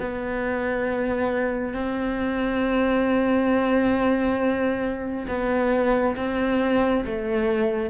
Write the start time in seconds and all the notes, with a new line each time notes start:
0.00 B3
1.74 C4
5.27 B3
6.16 C4
7.06 A3